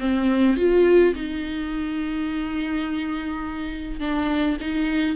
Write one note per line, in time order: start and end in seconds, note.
0.00 0.57 C4
0.57 1.14 F4
1.15 4.00 D#4
4.00 4.57 D4
4.61 5.16 D#4